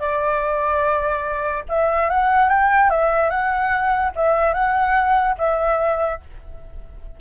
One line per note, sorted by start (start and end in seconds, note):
0.00 1.64 D5
1.69 2.10 E5
2.10 2.50 F#5
2.50 2.91 G5
2.91 3.30 E5
3.30 4.13 F#5
4.16 4.54 E5
4.54 5.36 F#5
5.39 6.21 E5